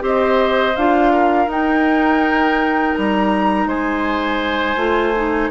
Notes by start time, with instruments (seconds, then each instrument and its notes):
0.00 bassoon C4, clarinet G4, oboe C5, flute D#5
0.77 bassoon D4, clarinet F4, flute F5
1.13 oboe A#4
1.48 bassoon D#4, clarinet D#4, flute G5
2.95 bassoon G3, flute A#5
3.66 bassoon G#3, oboe C5, flute G#5
4.77 bassoon A3, clarinet F4
5.16 clarinet D#4